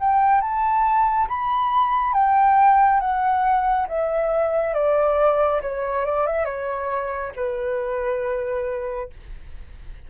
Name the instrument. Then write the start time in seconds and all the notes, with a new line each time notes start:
flute
0.00 G5
0.41 A5
1.28 B5
2.13 G5
3.00 F#5
3.88 E5
4.74 D5
5.62 C#5
6.06 D5
6.27 E5
6.45 C#5
7.36 B4